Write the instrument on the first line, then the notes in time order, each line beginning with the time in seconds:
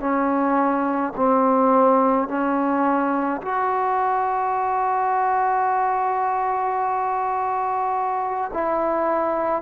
trombone
0.00 C#4
1.16 C4
2.28 C#4
3.42 F#4
8.54 E4